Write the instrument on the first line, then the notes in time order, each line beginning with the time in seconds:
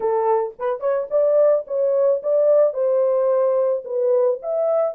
horn
0.00 A4
0.58 B4
0.80 C#5
1.10 D5
1.67 C#5
2.22 D5
2.73 C5
3.84 B4
4.42 E5